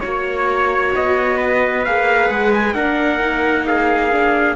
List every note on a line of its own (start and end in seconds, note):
0.00 0.96 A#3
0.00 1.85 F#4
0.00 0.91 C#5
0.00 1.37 C#5
0.95 1.87 B3
0.95 1.85 D#5
1.37 2.73 B4
1.85 2.30 A#3
1.85 2.75 G#4
1.85 2.29 F5
2.29 2.75 G#3
2.29 2.52 F#5
2.54 2.74 G#5
2.74 4.56 A#3
2.74 3.20 D4
2.74 3.66 A#4
2.74 3.65 F#5
3.20 4.11 D#4
3.67 4.56 G#4
3.67 4.56 F5
4.12 4.56 D4